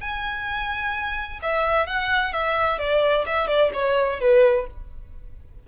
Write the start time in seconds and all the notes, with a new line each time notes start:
0.00 G#5
1.42 E5
1.86 F#5
2.33 E5
2.78 D5
3.26 E5
3.47 D5
3.73 C#5
4.20 B4